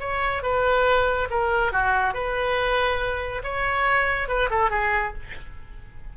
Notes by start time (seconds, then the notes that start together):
0.00 C#5
0.43 B4
1.30 A#4
1.72 F#4
2.14 B4
3.43 C#5
4.28 B4
4.50 A4
4.70 G#4